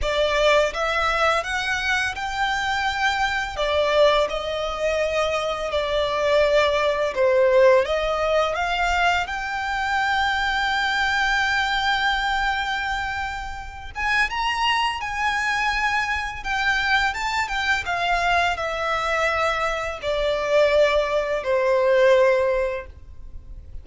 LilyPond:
\new Staff \with { instrumentName = "violin" } { \time 4/4 \tempo 4 = 84 d''4 e''4 fis''4 g''4~ | g''4 d''4 dis''2 | d''2 c''4 dis''4 | f''4 g''2.~ |
g''2.~ g''8 gis''8 | ais''4 gis''2 g''4 | a''8 g''8 f''4 e''2 | d''2 c''2 | }